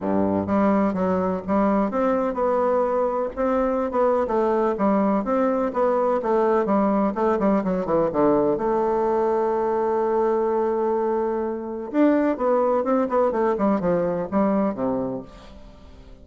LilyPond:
\new Staff \with { instrumentName = "bassoon" } { \time 4/4 \tempo 4 = 126 g,4 g4 fis4 g4 | c'4 b2 c'4~ | c'16 b8. a4 g4 c'4 | b4 a4 g4 a8 g8 |
fis8 e8 d4 a2~ | a1~ | a4 d'4 b4 c'8 b8 | a8 g8 f4 g4 c4 | }